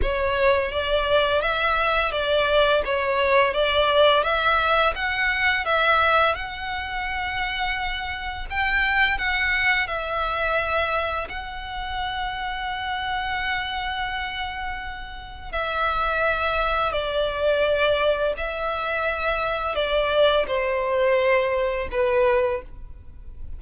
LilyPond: \new Staff \with { instrumentName = "violin" } { \time 4/4 \tempo 4 = 85 cis''4 d''4 e''4 d''4 | cis''4 d''4 e''4 fis''4 | e''4 fis''2. | g''4 fis''4 e''2 |
fis''1~ | fis''2 e''2 | d''2 e''2 | d''4 c''2 b'4 | }